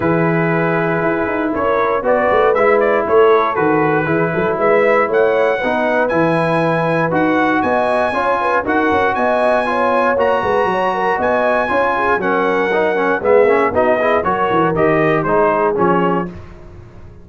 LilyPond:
<<
  \new Staff \with { instrumentName = "trumpet" } { \time 4/4 \tempo 4 = 118 b'2. cis''4 | d''4 e''8 d''8 cis''4 b'4~ | b'4 e''4 fis''2 | gis''2 fis''4 gis''4~ |
gis''4 fis''4 gis''2 | ais''2 gis''2 | fis''2 e''4 dis''4 | cis''4 dis''4 c''4 cis''4 | }
  \new Staff \with { instrumentName = "horn" } { \time 4/4 gis'2. ais'4 | b'2 a'2 | gis'8 a'8 b'4 cis''4 b'4~ | b'2. dis''4 |
cis''8 b'8 ais'4 dis''4 cis''4~ | cis''8 b'8 cis''8 ais'8 dis''4 cis''8 gis'8 | ais'2 gis'4 fis'8 gis'8 | ais'2 gis'2 | }
  \new Staff \with { instrumentName = "trombone" } { \time 4/4 e'1 | fis'4 e'2 fis'4 | e'2. dis'4 | e'2 fis'2 |
f'4 fis'2 f'4 | fis'2. f'4 | cis'4 dis'8 cis'8 b8 cis'8 dis'8 e'8 | fis'4 g'4 dis'4 cis'4 | }
  \new Staff \with { instrumentName = "tuba" } { \time 4/4 e2 e'8 dis'8 cis'4 | b8 a8 gis4 a4 dis4 | e8 fis8 gis4 a4 b4 | e2 dis'4 b4 |
cis'4 dis'8 cis'8 b2 | ais8 gis8 fis4 b4 cis'4 | fis2 gis8 ais8 b4 | fis8 e8 dis4 gis4 f4 | }
>>